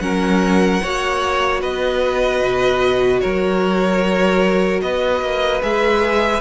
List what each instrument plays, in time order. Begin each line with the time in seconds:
0.00 cello F#3, viola C#4, violin A#4 F#5
0.83 cello A#3, viola F#4, violin C#5
1.61 cello B3, violin B4 D#5
2.41 cello B2
3.20 cello F#3, violin A#4 C#5
4.82 cello B3, violin B4 D#5
5.21 cello A#3
5.62 cello G#3, viola G#4, violin E5